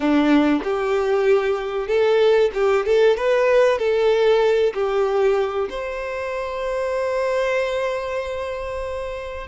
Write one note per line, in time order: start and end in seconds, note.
0.00 0.62 D4
0.63 1.87 G4
1.87 2.50 A4
2.53 2.85 G4
2.85 3.16 A4
3.16 3.78 B4
3.78 4.73 A4
4.73 5.68 G4
5.69 9.47 C5